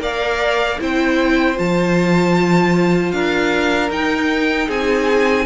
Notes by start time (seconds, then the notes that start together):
0.00 A#3 A#4 D5 F5
0.79 C4 E4 C5 G5
1.55 F3 F4 A5
3.12 D4 A#4 F5
3.90 D#4 G5
4.68 C4 G#4 G#5